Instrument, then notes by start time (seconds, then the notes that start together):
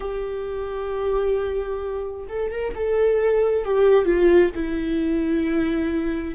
viola
0.00 G4
2.29 A4
2.51 A#4
2.75 A4
3.64 G4
4.05 F4
4.55 E4